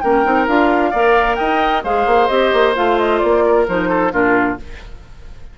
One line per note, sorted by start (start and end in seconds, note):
0.00 0.25 A#3
0.00 0.24 C#4
0.00 0.90 A#4
0.00 0.46 G5
0.24 0.47 C4
0.24 0.47 D#4
0.47 0.93 D4
0.47 0.93 F4
0.47 1.35 F5
0.90 1.39 A#3
0.90 1.85 A#4
0.90 1.36 D5
1.35 1.84 D#4
1.35 1.83 D#5
1.35 1.81 G5
1.83 2.06 G#3
1.83 2.29 G#4
1.83 3.44 C5
1.83 2.28 F5
2.06 2.29 A#3
2.28 2.52 C4
2.28 2.74 G4
2.28 2.74 D#5
2.53 2.76 A#3
2.75 3.23 A3
2.75 3.67 F4
2.75 2.99 F5
2.99 3.19 D#5
3.19 3.68 A#3
3.19 3.65 D5
3.46 3.89 A#4
3.68 4.12 F3
3.68 4.11 D#4
3.68 4.12 C5
3.89 4.12 A4
4.11 4.58 A#2
4.11 4.57 D4
4.11 4.58 F4
4.11 4.58 A#4